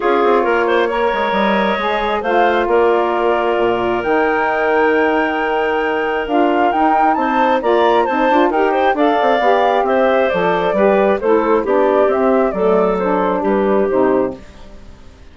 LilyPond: <<
  \new Staff \with { instrumentName = "flute" } { \time 4/4 \tempo 4 = 134 cis''2. dis''4~ | dis''4 f''4 d''2~ | d''4 g''2.~ | g''2 f''4 g''4 |
a''4 ais''4 a''4 g''4 | f''2 e''4 d''4~ | d''4 c''4 d''4 e''4 | d''4 c''4 b'4 c''4 | }
  \new Staff \with { instrumentName = "clarinet" } { \time 4/4 gis'4 ais'8 c''8 cis''2~ | cis''4 c''4 ais'2~ | ais'1~ | ais'1 |
c''4 d''4 c''4 ais'8 c''8 | d''2 c''2 | b'4 a'4 g'2 | a'2 g'2 | }
  \new Staff \with { instrumentName = "saxophone" } { \time 4/4 f'2 ais'2 | gis'4 f'2.~ | f'4 dis'2.~ | dis'2 f'4 dis'4~ |
dis'4 f'4 dis'8 f'8 g'4 | a'4 g'2 a'4 | g'4 e'4 d'4 c'4 | a4 d'2 dis'4 | }
  \new Staff \with { instrumentName = "bassoon" } { \time 4/4 cis'8 c'8 ais4. gis8 g4 | gis4 a4 ais2 | ais,4 dis2.~ | dis2 d'4 dis'4 |
c'4 ais4 c'8 d'8 dis'4 | d'8 c'8 b4 c'4 f4 | g4 a4 b4 c'4 | fis2 g4 c4 | }
>>